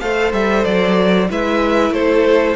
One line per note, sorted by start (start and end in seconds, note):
0.00 0.33 A3
0.00 1.28 A4
0.00 1.30 C5
0.00 0.32 F5
0.33 0.65 G3
0.33 0.64 E5
0.64 1.29 F#3
0.64 1.28 D5
1.29 1.91 G#3
1.29 2.56 E4
1.29 1.94 B4
1.29 1.93 E5
1.91 2.55 A3
1.91 2.56 A4
1.91 2.56 C5